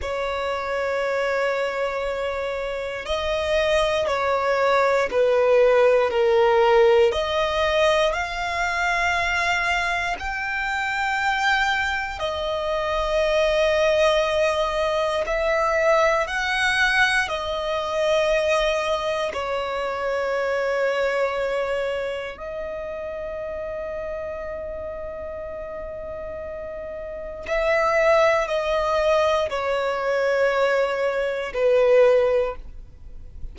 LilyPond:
\new Staff \with { instrumentName = "violin" } { \time 4/4 \tempo 4 = 59 cis''2. dis''4 | cis''4 b'4 ais'4 dis''4 | f''2 g''2 | dis''2. e''4 |
fis''4 dis''2 cis''4~ | cis''2 dis''2~ | dis''2. e''4 | dis''4 cis''2 b'4 | }